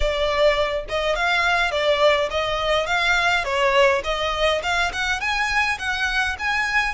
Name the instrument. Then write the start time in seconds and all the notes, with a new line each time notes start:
violin
0.00 D5
0.88 D#5
1.15 F5
1.71 D5
2.30 D#5
2.86 F5
3.44 C#5
4.04 D#5
4.62 F5
4.92 F#5
5.20 G#5
5.78 F#5
6.38 G#5